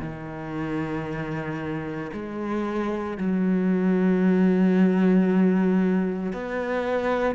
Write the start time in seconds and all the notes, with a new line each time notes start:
0.00 D#3
2.12 G#3
3.18 F#3
6.33 B3